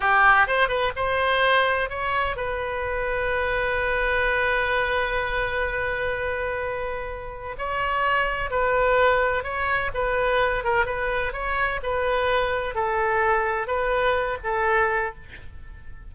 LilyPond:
\new Staff \with { instrumentName = "oboe" } { \time 4/4 \tempo 4 = 127 g'4 c''8 b'8 c''2 | cis''4 b'2.~ | b'1~ | b'1 |
cis''2 b'2 | cis''4 b'4. ais'8 b'4 | cis''4 b'2 a'4~ | a'4 b'4. a'4. | }